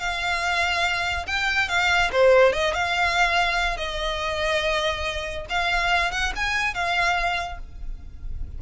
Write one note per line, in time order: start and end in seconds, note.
0.00 1.27 F5
1.27 1.69 G5
1.69 2.11 F5
2.12 2.53 C5
2.53 2.74 D#5
2.74 3.77 F5
3.77 5.46 D#5
5.50 6.12 F5
6.12 6.33 F#5
6.36 6.75 G#5
6.75 7.59 F5